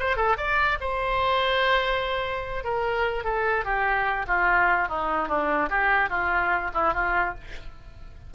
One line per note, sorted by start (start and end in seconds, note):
0.00 0.17 C5
0.17 0.37 A4
0.37 0.78 D5
0.81 2.64 C5
2.64 3.24 A#4
3.24 3.65 A4
3.65 4.26 G4
4.27 4.88 F4
4.88 5.28 D#4
5.28 5.69 D4
5.70 6.10 G4
6.10 6.71 F4
6.74 6.94 E4
6.94 7.35 F4